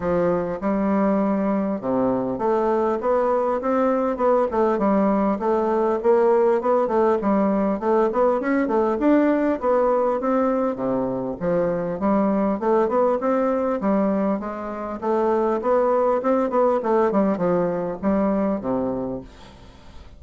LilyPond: \new Staff \with { instrumentName = "bassoon" } { \time 4/4 \tempo 4 = 100 f4 g2 c4 | a4 b4 c'4 b8 a8 | g4 a4 ais4 b8 a8 | g4 a8 b8 cis'8 a8 d'4 |
b4 c'4 c4 f4 | g4 a8 b8 c'4 g4 | gis4 a4 b4 c'8 b8 | a8 g8 f4 g4 c4 | }